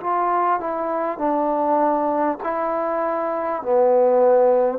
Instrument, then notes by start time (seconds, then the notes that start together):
trombone
0.00 F4
0.60 E4
1.18 D4
2.43 E4
3.62 B3